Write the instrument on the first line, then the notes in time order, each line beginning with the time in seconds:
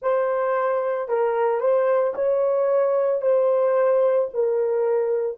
horn
0.02 C5
1.08 A#4
1.60 C5
2.14 C#5
3.21 C5
4.33 A#4